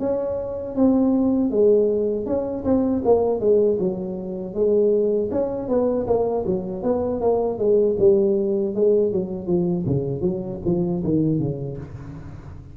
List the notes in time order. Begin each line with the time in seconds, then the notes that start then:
0.00 C#4
0.76 C4
1.51 G#3
2.26 C#4
2.65 C4
3.05 A#3
3.40 G#3
3.80 F#3
4.54 G#3
5.32 C#4
5.69 B3
6.07 A#3
6.46 F#3
6.83 B3
7.21 A#3
7.59 G#3
7.99 G3
8.75 G#3
9.12 F#3
9.47 F3
9.87 C#3
10.22 F#3
10.65 F3
11.04 D#3
11.40 C#3